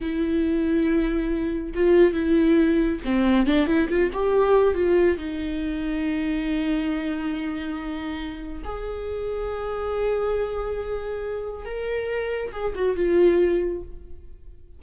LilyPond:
\new Staff \with { instrumentName = "viola" } { \time 4/4 \tempo 4 = 139 e'1 | f'4 e'2 c'4 | d'8 e'8 f'8 g'4. f'4 | dis'1~ |
dis'1 | gis'1~ | gis'2. ais'4~ | ais'4 gis'8 fis'8 f'2 | }